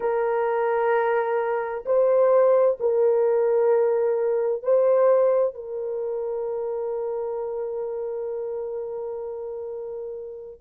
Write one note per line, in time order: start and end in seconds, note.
0.00 1.85 A#4
1.85 2.78 C5
2.79 4.62 A#4
4.62 5.54 C5
5.54 10.61 A#4